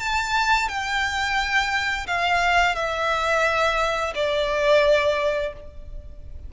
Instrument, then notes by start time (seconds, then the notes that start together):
violin
0.00 A5
0.69 G5
2.07 F5
2.76 E5
4.15 D5